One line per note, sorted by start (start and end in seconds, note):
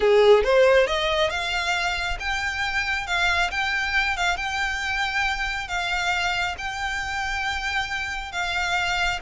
0.00 0.43 G#4
0.43 0.86 C5
0.86 1.30 D#5
1.30 2.17 F5
2.19 3.06 G5
3.06 3.50 F5
3.51 4.16 G5
4.16 4.36 F5
4.36 5.68 G5
5.68 6.55 F5
6.58 8.32 G5
8.32 9.19 F5